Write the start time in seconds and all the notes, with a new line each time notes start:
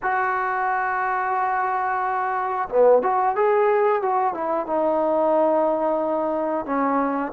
0.02 F#4
2.69 B3
3.02 F#4
3.35 G#4
4.02 F#4
4.34 E4
4.66 D#4
6.65 C#4